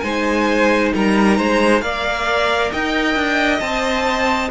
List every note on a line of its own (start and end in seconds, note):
0.00 0.93 G#3
0.00 1.82 D#4
0.00 0.94 C5
0.00 0.90 G#5
0.95 1.39 G3
0.95 1.38 A#4
0.95 1.81 A#5
1.38 1.82 G#3
1.38 1.82 C5
1.81 2.71 A#3
1.81 3.61 A#4
1.81 2.72 D5
1.81 2.70 F5
2.72 3.15 D#4
2.72 4.51 D#5
2.72 3.60 G5
3.15 3.60 D4
3.60 4.50 C4
3.60 4.51 C5
3.60 4.50 A5